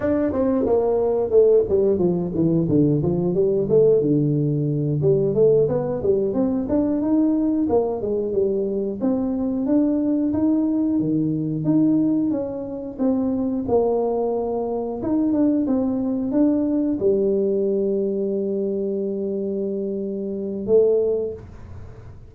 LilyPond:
\new Staff \with { instrumentName = "tuba" } { \time 4/4 \tempo 4 = 90 d'8 c'8 ais4 a8 g8 f8 e8 | d8 f8 g8 a8 d4. g8 | a8 b8 g8 c'8 d'8 dis'4 ais8 | gis8 g4 c'4 d'4 dis'8~ |
dis'8 dis4 dis'4 cis'4 c'8~ | c'8 ais2 dis'8 d'8 c'8~ | c'8 d'4 g2~ g8~ | g2. a4 | }